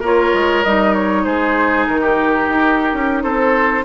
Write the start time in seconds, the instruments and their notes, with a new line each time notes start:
0.00 bassoon A#3, clarinet F4, oboe A#4, flute C#5
0.34 bassoon G#3
0.64 bassoon G3, clarinet D#4, flute D#5
0.94 flute C#5
1.24 bassoon G#3, oboe G#4, flute C5
1.87 bassoon D#3, flute A#4
2.01 oboe G4
2.49 bassoon D#4
2.93 bassoon C#4
3.23 bassoon C4, oboe A4, flute C5